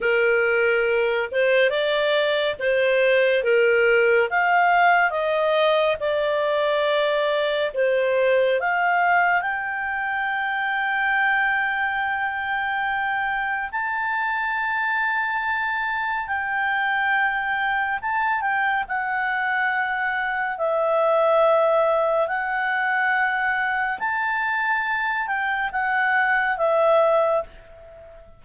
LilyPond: \new Staff \with { instrumentName = "clarinet" } { \time 4/4 \tempo 4 = 70 ais'4. c''8 d''4 c''4 | ais'4 f''4 dis''4 d''4~ | d''4 c''4 f''4 g''4~ | g''1 |
a''2. g''4~ | g''4 a''8 g''8 fis''2 | e''2 fis''2 | a''4. g''8 fis''4 e''4 | }